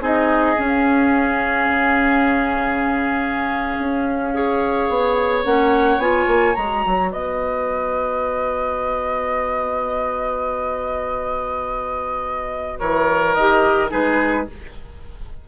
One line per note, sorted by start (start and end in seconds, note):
0.00 0.56 C4
0.00 0.57 D#4
0.00 4.32 G#4
0.00 0.60 D#5
0.57 4.32 C#4
0.57 1.69 C#4
0.57 5.45 F5
1.69 3.77 C#3
3.78 4.89 C#4
4.34 5.45 G#4
4.34 7.11 C#5
4.89 5.44 B3
5.44 5.98 A#3
5.44 6.00 C#4
5.44 6.00 F#5
5.98 6.25 B3
5.98 6.54 F4
5.98 6.54 G#5
6.27 6.55 A#3
6.54 6.85 G#3
6.54 13.35 F#4
6.54 7.10 A#5
6.86 7.13 F#3
7.11 12.81 B3
7.11 12.80 B4
7.11 12.79 D#5
12.79 13.36 E3
12.79 13.90 A#4
12.79 13.34 C#5
13.34 13.92 D#3
13.34 13.89 G4
13.34 13.89 D#5
13.89 14.48 G#3
13.89 14.45 D#4
13.89 14.46 G#4
13.89 14.48 B4